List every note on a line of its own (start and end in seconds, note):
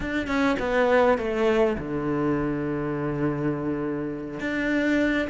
0.00 0.27 D4
0.27 0.56 C#4
0.59 1.17 B3
1.17 1.76 A3
1.78 4.40 D3
4.40 5.28 D4